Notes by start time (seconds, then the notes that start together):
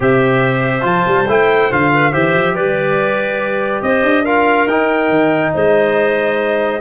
0.00 C3 G4 C5 E5
0.81 F3 F4 A5
1.07 G3
1.28 A3 E4 G5
1.71 D3 F4 F5
1.94 B4
2.11 E3 G4 C5 E5
2.34 F3
2.53 G3 B4 D5
3.82 C4 C5 D#5
4.03 D4
4.24 F4 A#4 F5
4.67 D#4 G5
5.09 D#3
5.53 G#3 C5 D#5